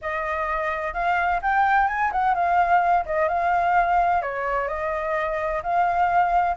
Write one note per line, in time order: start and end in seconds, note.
0.01 0.93 D#5
0.93 1.40 F5
1.42 1.87 G5
1.87 2.11 G#5
2.11 2.34 F#5
2.34 3.04 F5
3.05 3.28 D#5
3.28 4.22 F5
4.22 4.68 C#5
4.68 5.61 D#5
5.62 6.56 F5